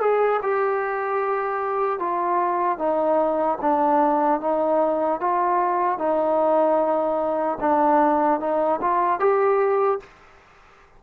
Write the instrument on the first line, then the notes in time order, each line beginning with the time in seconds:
trombone
0.00 G#4
0.42 G4
1.99 F4
2.78 D#4
3.61 D4
4.40 D#4
5.20 F4
5.98 D#4
7.60 D4
8.40 D#4
8.81 F4
9.19 G4